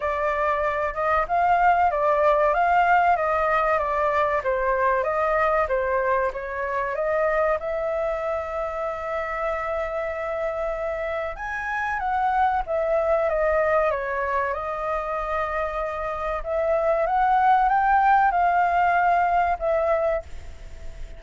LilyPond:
\new Staff \with { instrumentName = "flute" } { \time 4/4 \tempo 4 = 95 d''4. dis''8 f''4 d''4 | f''4 dis''4 d''4 c''4 | dis''4 c''4 cis''4 dis''4 | e''1~ |
e''2 gis''4 fis''4 | e''4 dis''4 cis''4 dis''4~ | dis''2 e''4 fis''4 | g''4 f''2 e''4 | }